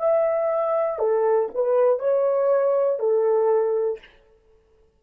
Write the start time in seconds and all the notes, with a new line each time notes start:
0.00 E5
1.00 A4
1.55 B4
2.00 C#5
3.00 A4